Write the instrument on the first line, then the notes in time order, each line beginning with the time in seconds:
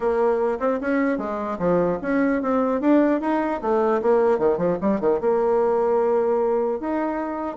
bassoon
0.00 A#3
0.59 C4
0.81 C#4
1.18 G#3
1.58 F3
2.01 C#4
2.42 C4
2.80 D4
3.20 D#4
3.61 A3
4.01 A#3
4.38 D#3
4.57 F3
4.81 G3
5.00 D#3
5.20 A#3
6.79 D#4